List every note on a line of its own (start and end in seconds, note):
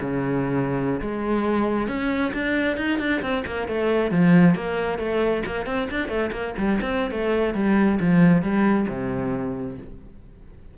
0.00 1.00 C#3
1.00 1.87 G#3
1.87 2.32 C#4
2.33 2.77 D4
2.77 2.99 D#4
2.99 3.21 D4
3.21 3.43 C4
3.46 3.67 A#3
3.67 4.11 A3
4.11 4.55 F3
4.55 4.98 A#3
4.98 5.43 A3
5.45 5.65 A#3
5.65 5.88 C4
5.90 6.08 D4
6.08 6.30 A3
6.32 6.54 A#3
6.58 6.80 G3
6.81 7.11 C4
7.11 7.54 A3
7.54 7.98 G3
8.00 8.42 F3
8.42 8.86 G3
8.88 9.77 C3